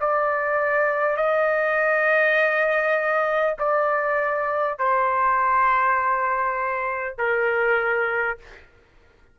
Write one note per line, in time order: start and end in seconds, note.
0.00 1.17 D5
1.17 3.57 D#5
3.58 4.78 D5
4.78 7.17 C5
7.17 8.37 A#4